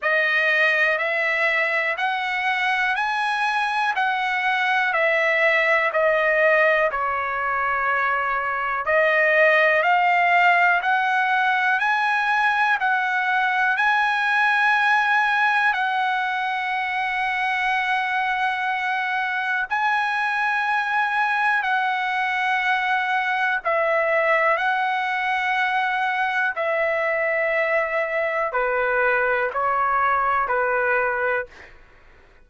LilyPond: \new Staff \with { instrumentName = "trumpet" } { \time 4/4 \tempo 4 = 61 dis''4 e''4 fis''4 gis''4 | fis''4 e''4 dis''4 cis''4~ | cis''4 dis''4 f''4 fis''4 | gis''4 fis''4 gis''2 |
fis''1 | gis''2 fis''2 | e''4 fis''2 e''4~ | e''4 b'4 cis''4 b'4 | }